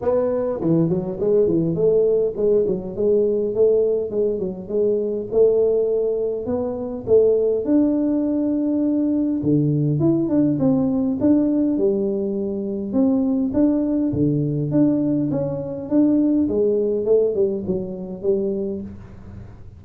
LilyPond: \new Staff \with { instrumentName = "tuba" } { \time 4/4 \tempo 4 = 102 b4 e8 fis8 gis8 e8 a4 | gis8 fis8 gis4 a4 gis8 fis8 | gis4 a2 b4 | a4 d'2. |
d4 e'8 d'8 c'4 d'4 | g2 c'4 d'4 | d4 d'4 cis'4 d'4 | gis4 a8 g8 fis4 g4 | }